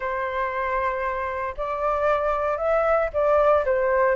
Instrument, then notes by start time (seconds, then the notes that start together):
flute
0.00 C5
1.57 D5
2.57 E5
3.13 D5
3.65 C5